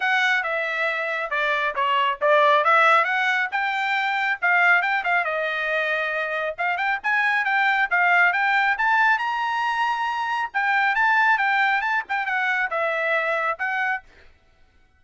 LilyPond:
\new Staff \with { instrumentName = "trumpet" } { \time 4/4 \tempo 4 = 137 fis''4 e''2 d''4 | cis''4 d''4 e''4 fis''4 | g''2 f''4 g''8 f''8 | dis''2. f''8 g''8 |
gis''4 g''4 f''4 g''4 | a''4 ais''2. | g''4 a''4 g''4 a''8 g''8 | fis''4 e''2 fis''4 | }